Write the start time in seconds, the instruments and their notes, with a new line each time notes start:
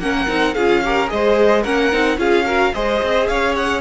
0.00 cello A#3, viola C#4, violin A#4 F#5
0.28 cello C4, viola D#4
0.54 cello C#4, viola F4, violin G#4 F5
0.84 viola G4, violin A#4
1.08 cello G#3, viola G#4, violin D#5
1.14 violin C5
1.63 cello A#3, viola C#4, violin A#4 F#5
1.93 cello C4, viola D#4
2.18 cello C#4, viola F4, violin G#4 F5
2.46 viola F#4, violin A#4
2.75 cello G#3, viola G#4, violin C5 D#5
3.03 cello C4
3.28 cello C#4, violin C#5 F5
3.56 violin F#5